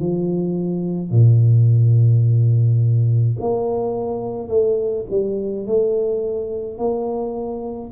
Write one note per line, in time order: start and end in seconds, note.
0.00 1.11 F3
1.11 3.37 A#2
3.41 4.48 A#3
4.48 5.05 A3
5.10 5.67 G3
5.67 6.78 A3
6.78 7.91 A#3